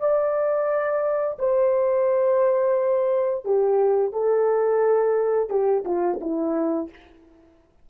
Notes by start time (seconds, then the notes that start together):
0.00 D5
1.39 C5
3.45 G4
4.13 A4
5.50 G4
5.85 F4
6.21 E4